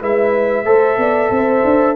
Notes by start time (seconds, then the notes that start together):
0.00 G#3 E4 B4 E5
0.65 A3 A4 C5
0.98 B3 D5
1.30 C4 C5
1.65 D4